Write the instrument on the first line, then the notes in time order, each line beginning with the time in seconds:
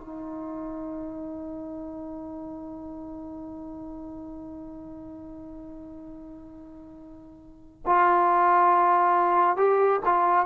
trombone
0.00 D#4
7.86 F4
9.57 G4
10.05 F4